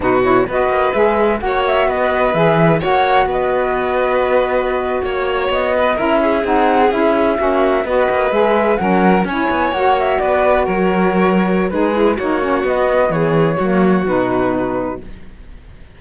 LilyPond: <<
  \new Staff \with { instrumentName = "flute" } { \time 4/4 \tempo 4 = 128 b'8 cis''8 dis''4 e''4 fis''8 e''8 | dis''4 e''4 fis''4 dis''4~ | dis''2~ dis''8. cis''4 dis''16~ | dis''8. e''4 fis''4 e''4~ e''16~ |
e''8. dis''4 e''4 fis''4 gis''16~ | gis''8. fis''8 e''8 d''4 cis''4~ cis''16~ | cis''4 b'4 cis''4 dis''4 | cis''2 b'2 | }
  \new Staff \with { instrumentName = "violin" } { \time 4/4 fis'4 b'2 cis''4 | b'2 cis''4 b'4~ | b'2~ b'8. cis''4~ cis''16~ | cis''16 b'8 ais'8 gis'2~ gis'8 fis'16~ |
fis'8. b'2 ais'4 cis''16~ | cis''4.~ cis''16 b'4 ais'4~ ais'16~ | ais'4 gis'4 fis'2 | gis'4 fis'2. | }
  \new Staff \with { instrumentName = "saxophone" } { \time 4/4 dis'8 e'8 fis'4 gis'4 fis'4~ | fis'4 gis'4 fis'2~ | fis'1~ | fis'8. e'4 dis'4 e'4 cis'16~ |
cis'8. fis'4 gis'4 cis'4 e'16~ | e'8. fis'2.~ fis'16~ | fis'4 dis'8 e'8 dis'8 cis'8 b4~ | b4 ais4 dis'2 | }
  \new Staff \with { instrumentName = "cello" } { \time 4/4 b,4 b8 ais8 gis4 ais4 | b4 e4 ais4 b4~ | b2~ b8. ais4 b16~ | b8. cis'4 c'4 cis'4 ais16~ |
ais8. b8 ais8 gis4 fis4 cis'16~ | cis'16 b8 ais4 b4 fis4~ fis16~ | fis4 gis4 ais4 b4 | e4 fis4 b,2 | }
>>